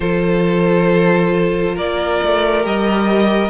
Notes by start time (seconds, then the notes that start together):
0.00 F3 F4 A4 C5
1.75 A#3 A#4 D5
2.23 A3
2.62 G3 G4 D#5